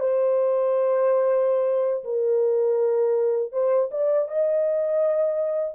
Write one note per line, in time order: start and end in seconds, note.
0.00 2.04 C5
2.04 3.52 A#4
3.52 3.89 C5
3.91 4.28 D5
4.28 5.75 D#5